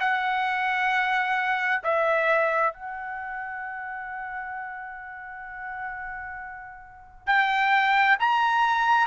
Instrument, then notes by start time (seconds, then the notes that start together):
trumpet
0.00 F#5
1.83 E5
2.74 F#5
7.27 G5
8.20 A#5